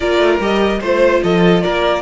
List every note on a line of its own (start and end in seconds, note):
0.00 0.18 A#3
0.00 0.40 F4
0.00 0.79 A#4
0.00 0.39 D5
0.18 0.38 A3
0.39 0.80 G3
0.39 0.81 G4
0.39 0.82 D#5
0.80 1.22 A3
0.80 2.02 F4
0.80 1.21 C5
0.80 1.23 C5
1.23 1.64 F3
1.23 1.63 A4
1.23 1.62 D#5
1.62 2.02 A#3
1.62 2.02 A#4
1.62 2.02 D5